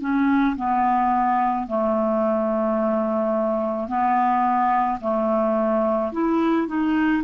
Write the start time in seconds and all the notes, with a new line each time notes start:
0.00 C#4
0.56 B3
1.67 A3
3.88 B3
5.01 A3
6.12 E4
6.67 D#4